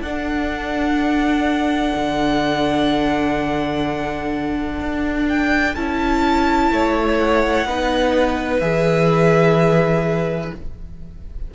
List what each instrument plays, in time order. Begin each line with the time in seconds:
0.00 cello D4, viola D4, violin A4 F#5
1.95 cello D3
4.80 cello D4
5.28 violin G5
5.75 cello C#4, viola E4, violin A5
6.71 cello A3, violin C#5
7.19 violin F#5
7.65 cello B3, viola D#4, violin B4
8.59 cello E3, viola G#4, violin E5